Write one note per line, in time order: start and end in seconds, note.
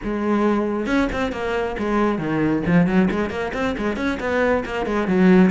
0.03 0.86 G#3
0.86 1.08 C#4
1.12 1.32 C4
1.32 1.76 A#3
1.78 2.18 G#3
2.18 2.62 D#3
2.66 2.86 F3
2.86 3.08 F#3
3.10 3.30 G#3
3.30 3.52 A#3
3.53 3.75 C4
3.77 3.96 G#3
3.96 4.18 C#4
4.20 4.64 B3
4.65 4.85 A#3
4.85 5.07 G#3
5.07 5.50 F#3